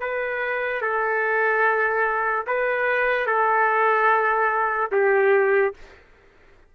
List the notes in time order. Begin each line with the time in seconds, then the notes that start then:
0.00 B4
0.81 A4
2.47 B4
3.26 A4
4.91 G4